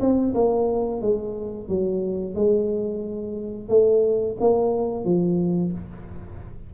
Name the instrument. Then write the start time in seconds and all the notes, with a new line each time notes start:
tuba
0.00 C4
0.34 A#3
1.01 G#3
1.69 F#3
2.35 G#3
3.69 A3
4.40 A#3
5.04 F3